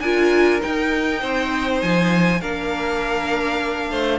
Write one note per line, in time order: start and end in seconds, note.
0.00 0.60 D4
0.00 0.60 F4
0.00 1.20 A#4
0.00 0.60 G#5
0.60 2.40 D#4
0.60 1.22 D#4
0.60 1.81 G5
1.20 1.82 C4
1.20 2.40 C5
1.81 2.41 F3
1.81 2.41 G#5
2.40 3.91 A#3
2.40 4.19 D4
2.40 3.90 A#4
2.40 4.19 F5
3.91 4.19 A3
3.91 4.19 C5